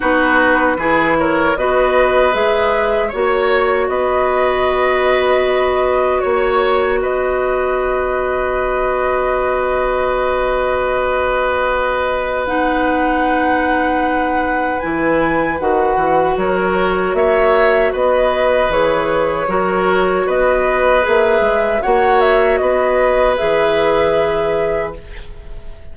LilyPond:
<<
  \new Staff \with { instrumentName = "flute" } { \time 4/4 \tempo 4 = 77 b'4. cis''8 dis''4 e''4 | cis''4 dis''2. | cis''4 dis''2.~ | dis''1 |
fis''2. gis''4 | fis''4 cis''4 e''4 dis''4 | cis''2 dis''4 e''4 | fis''8 e''8 dis''4 e''2 | }
  \new Staff \with { instrumentName = "oboe" } { \time 4/4 fis'4 gis'8 ais'8 b'2 | cis''4 b'2. | cis''4 b'2.~ | b'1~ |
b'1~ | b'4 ais'4 cis''4 b'4~ | b'4 ais'4 b'2 | cis''4 b'2. | }
  \new Staff \with { instrumentName = "clarinet" } { \time 4/4 dis'4 e'4 fis'4 gis'4 | fis'1~ | fis'1~ | fis'1 |
dis'2. e'4 | fis'1 | gis'4 fis'2 gis'4 | fis'2 gis'2 | }
  \new Staff \with { instrumentName = "bassoon" } { \time 4/4 b4 e4 b4 gis4 | ais4 b2. | ais4 b2.~ | b1~ |
b2. e4 | dis8 e8 fis4 ais4 b4 | e4 fis4 b4 ais8 gis8 | ais4 b4 e2 | }
>>